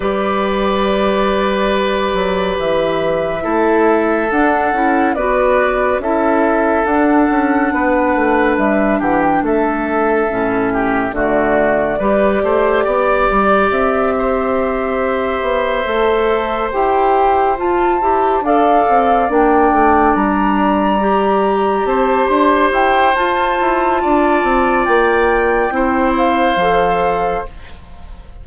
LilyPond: <<
  \new Staff \with { instrumentName = "flute" } { \time 4/4 \tempo 4 = 70 d''2. e''4~ | e''4 fis''4 d''4 e''4 | fis''2 e''8 fis''16 g''16 e''4~ | e''4 d''2. |
e''2.~ e''8 g''8~ | g''8 a''4 f''4 g''4 ais''8~ | ais''4. a''8 c'''8 g''8 a''4~ | a''4 g''4. f''4. | }
  \new Staff \with { instrumentName = "oboe" } { \time 4/4 b'1 | a'2 b'4 a'4~ | a'4 b'4. g'8 a'4~ | a'8 g'8 fis'4 b'8 c''8 d''4~ |
d''8 c''2.~ c''8~ | c''4. d''2~ d''8~ | d''4. c''2~ c''8 | d''2 c''2 | }
  \new Staff \with { instrumentName = "clarinet" } { \time 4/4 g'1 | e'4 d'8 e'8 fis'4 e'4 | d'1 | cis'4 a4 g'2~ |
g'2~ g'8 a'4 g'8~ | g'8 f'8 g'8 a'4 d'4.~ | d'8 g'2~ g'8 f'4~ | f'2 e'4 a'4 | }
  \new Staff \with { instrumentName = "bassoon" } { \time 4/4 g2~ g8 fis8 e4 | a4 d'8 cis'8 b4 cis'4 | d'8 cis'8 b8 a8 g8 e8 a4 | a,4 d4 g8 a8 b8 g8 |
c'2 b8 a4 e'8~ | e'8 f'8 e'8 d'8 c'8 ais8 a8 g8~ | g4. c'8 d'8 e'8 f'8 e'8 | d'8 c'8 ais4 c'4 f4 | }
>>